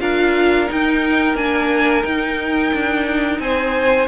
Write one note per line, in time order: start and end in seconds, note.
0.00 0.68 D4
0.00 0.67 F4
0.00 3.41 A#4
0.00 0.68 F5
0.67 1.35 D#4
0.67 1.36 G5
1.35 2.03 A#3
1.35 2.03 D4
1.35 2.03 G#5
2.03 4.08 D#4
2.03 2.72 D#4
2.03 3.39 G5
2.73 3.38 D4
3.38 4.07 C4
3.38 4.08 C5
3.38 4.08 G#5